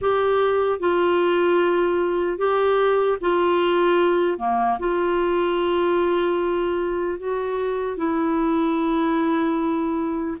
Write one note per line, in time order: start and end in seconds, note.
0.01 0.79 G4
0.79 2.38 F4
2.38 3.18 G4
3.20 4.38 F4
4.38 4.78 A#3
4.79 7.19 F4
7.19 7.97 F#4
7.97 10.37 E4